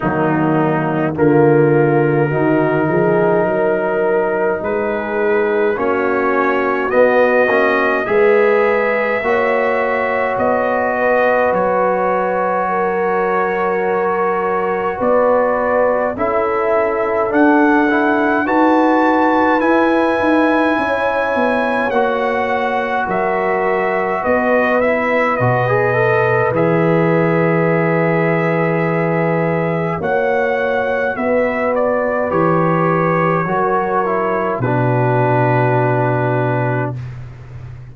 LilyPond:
<<
  \new Staff \with { instrumentName = "trumpet" } { \time 4/4 \tempo 4 = 52 dis'4 ais'2. | b'4 cis''4 dis''4 e''4~ | e''4 dis''4 cis''2~ | cis''4 d''4 e''4 fis''4 |
a''4 gis''2 fis''4 | e''4 dis''8 e''8 dis''4 e''4~ | e''2 fis''4 e''8 d''8 | cis''2 b'2 | }
  \new Staff \with { instrumentName = "horn" } { \time 4/4 ais4 f'4 fis'8 gis'8 ais'4 | gis'4 fis'2 b'4 | cis''4. b'4. ais'4~ | ais'4 b'4 a'2 |
b'2 cis''2 | ais'4 b'2.~ | b'2 cis''4 b'4~ | b'4 ais'4 fis'2 | }
  \new Staff \with { instrumentName = "trombone" } { \time 4/4 fis4 ais4 dis'2~ | dis'4 cis'4 b8 cis'8 gis'4 | fis'1~ | fis'2 e'4 d'8 e'8 |
fis'4 e'2 fis'4~ | fis'4. e'8 fis'16 gis'16 a'8 gis'4~ | gis'2 fis'2 | g'4 fis'8 e'8 d'2 | }
  \new Staff \with { instrumentName = "tuba" } { \time 4/4 dis4 d4 dis8 f8 fis4 | gis4 ais4 b8 ais8 gis4 | ais4 b4 fis2~ | fis4 b4 cis'4 d'4 |
dis'4 e'8 dis'8 cis'8 b8 ais4 | fis4 b4 b,4 e4~ | e2 ais4 b4 | e4 fis4 b,2 | }
>>